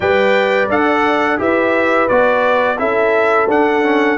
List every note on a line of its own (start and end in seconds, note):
0.00 0.68 G3
0.00 0.69 B4
0.00 1.40 D5
0.00 0.68 G5
0.68 1.38 D4
0.68 1.38 A4
0.68 1.40 F#5
1.38 2.08 E4
1.38 2.07 G4
1.38 2.79 B4
1.38 2.08 E5
2.08 2.79 B3
2.08 2.77 F#4
2.08 2.78 D5
2.77 3.48 C#4
2.77 3.47 E4
2.77 4.18 A4
2.77 3.48 E5
3.48 4.18 D4
3.48 3.83 D4
3.48 4.18 F#5
3.83 4.18 C#4